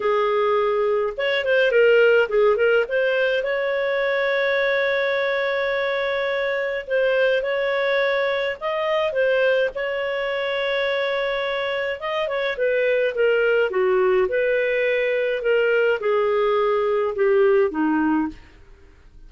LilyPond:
\new Staff \with { instrumentName = "clarinet" } { \time 4/4 \tempo 4 = 105 gis'2 cis''8 c''8 ais'4 | gis'8 ais'8 c''4 cis''2~ | cis''1 | c''4 cis''2 dis''4 |
c''4 cis''2.~ | cis''4 dis''8 cis''8 b'4 ais'4 | fis'4 b'2 ais'4 | gis'2 g'4 dis'4 | }